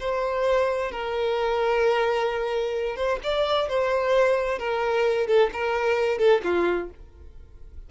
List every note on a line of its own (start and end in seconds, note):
0.00 0.92 C5
0.92 2.97 A#4
2.97 3.20 C5
3.24 3.69 D5
3.69 4.59 C5
4.59 5.27 A#4
5.27 5.50 A4
5.53 6.18 A#4
6.18 6.42 A4
6.44 6.90 F4